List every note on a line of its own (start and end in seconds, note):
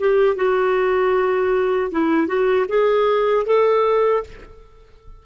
0.00 0.36 G4
0.36 1.91 F#4
1.91 2.27 E4
2.27 2.66 F#4
2.69 3.46 G#4
3.46 4.24 A4